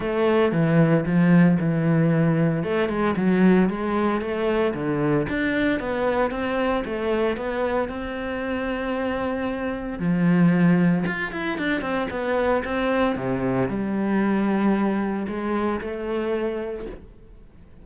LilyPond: \new Staff \with { instrumentName = "cello" } { \time 4/4 \tempo 4 = 114 a4 e4 f4 e4~ | e4 a8 gis8 fis4 gis4 | a4 d4 d'4 b4 | c'4 a4 b4 c'4~ |
c'2. f4~ | f4 f'8 e'8 d'8 c'8 b4 | c'4 c4 g2~ | g4 gis4 a2 | }